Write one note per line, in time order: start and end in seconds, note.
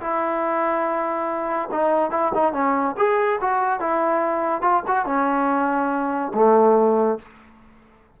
0.00 1.69 E4
1.71 2.10 D#4
2.10 2.32 E4
2.34 2.52 D#4
2.52 2.95 C#4
2.97 3.39 G#4
3.40 3.80 F#4
3.80 4.61 E4
4.61 4.82 F4
4.87 5.05 F#4
5.05 6.32 C#4
6.34 7.18 A3